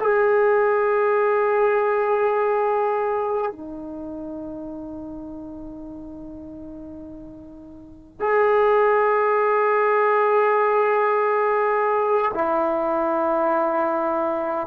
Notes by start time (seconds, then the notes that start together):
0.00 G#4
3.52 D#4
8.20 G#4
12.34 E4